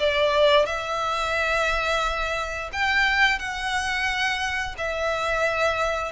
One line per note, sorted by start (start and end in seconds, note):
0.00 0.66 D5
0.66 2.71 E5
2.73 3.40 G5
3.40 4.76 F#5
4.79 6.12 E5